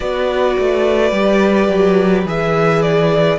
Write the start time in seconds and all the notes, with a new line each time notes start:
0.00 B3 F#4 B4 D5
0.59 A3
1.11 G3 G4
1.68 F#3
2.25 E3 G#4 E5
2.82 D5